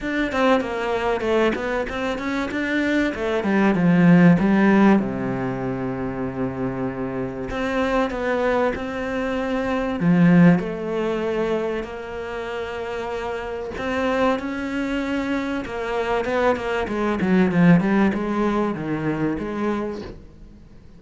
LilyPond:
\new Staff \with { instrumentName = "cello" } { \time 4/4 \tempo 4 = 96 d'8 c'8 ais4 a8 b8 c'8 cis'8 | d'4 a8 g8 f4 g4 | c1 | c'4 b4 c'2 |
f4 a2 ais4~ | ais2 c'4 cis'4~ | cis'4 ais4 b8 ais8 gis8 fis8 | f8 g8 gis4 dis4 gis4 | }